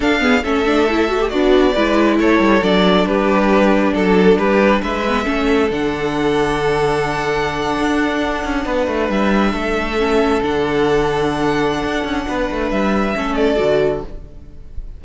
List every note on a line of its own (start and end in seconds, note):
0.00 0.20 D4
0.00 0.43 D4
0.00 0.21 A4
0.00 0.44 F5
0.20 0.42 B3
0.20 0.43 G#4
0.43 1.32 A3
0.43 0.65 C#4
0.43 1.30 A4
0.43 1.29 E5
0.65 0.87 D4
0.90 1.08 E4
1.08 1.19 F#4
1.20 1.29 G4
1.29 1.76 B3
1.29 1.73 D4
1.29 1.73 F#4
1.29 2.17 D5
1.73 2.19 G#3
1.73 2.62 E4
1.73 2.17 B4
2.19 2.39 A3
2.19 3.07 A4
2.19 2.63 C#5
2.39 2.61 G3
2.62 3.05 F#3
2.62 5.03 D4
2.62 3.06 D5
3.05 3.93 G3
3.05 3.93 G4
3.05 3.93 B4
3.93 4.37 F#3
3.93 4.37 A4
3.93 4.38 A4
4.37 4.82 G3
4.37 4.81 G4
4.37 4.82 B4
4.81 5.26 G#3
4.81 5.24 B4
4.81 5.70 E5
5.07 5.24 B3
5.24 5.70 A3
5.24 5.68 C#4
5.24 8.63 A4
5.70 7.78 D3
5.70 9.97 D4
5.70 9.11 F#5
7.79 8.44 D4
8.44 8.65 C#4
8.65 8.87 B3
8.65 9.52 B4
8.87 9.09 A3
9.09 9.53 G3
9.09 10.42 E5
9.52 10.40 A3
9.52 12.25 A4
9.97 10.41 C#4
10.41 11.83 D3
10.41 13.14 D4
10.41 12.71 F#5
11.84 12.04 D4
12.04 12.26 C#4
12.28 12.50 B3
12.28 13.16 B4
12.50 12.71 A3
12.71 13.15 G3
12.71 13.35 E5
13.14 13.59 A3
13.14 13.57 C#4
13.14 14.04 A4
13.35 14.00 D5
13.57 14.03 D3
13.57 14.00 F#4